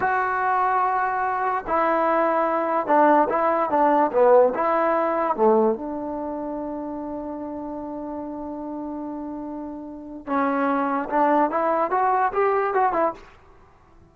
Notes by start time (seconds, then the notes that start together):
0.00 F#4
1.67 E4
2.87 D4
3.29 E4
3.69 D4
4.12 B3
4.54 E4
5.35 A3
5.75 D4
10.26 C#4
11.09 D4
11.50 E4
11.90 F#4
12.33 G4
12.74 F#4
12.92 E4